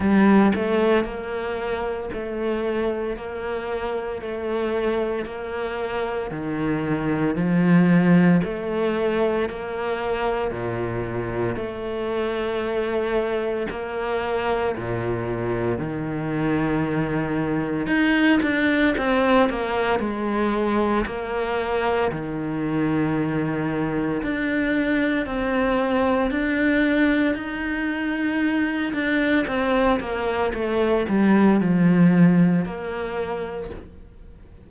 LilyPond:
\new Staff \with { instrumentName = "cello" } { \time 4/4 \tempo 4 = 57 g8 a8 ais4 a4 ais4 | a4 ais4 dis4 f4 | a4 ais4 ais,4 a4~ | a4 ais4 ais,4 dis4~ |
dis4 dis'8 d'8 c'8 ais8 gis4 | ais4 dis2 d'4 | c'4 d'4 dis'4. d'8 | c'8 ais8 a8 g8 f4 ais4 | }